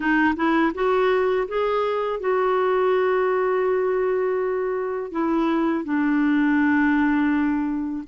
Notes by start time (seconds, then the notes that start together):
0.00 D#4
0.36 E4
0.74 F#4
1.48 G#4
2.20 F#4
5.11 E4
5.84 D4